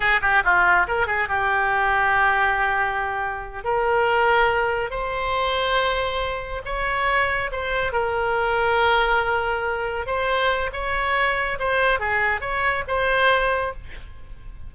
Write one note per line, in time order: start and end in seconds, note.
0.00 0.20 G#4
0.21 0.43 G4
0.44 0.86 F4
0.87 1.06 A#4
1.06 1.28 G#4
1.28 3.64 G4
3.64 4.90 A#4
4.90 6.61 C5
6.65 7.50 C#5
7.51 7.92 C5
7.92 10.06 A#4
10.06 10.70 C5
10.72 11.58 C#5
11.59 11.99 C5
11.99 12.40 G#4
12.40 12.83 C#5
12.87 13.73 C5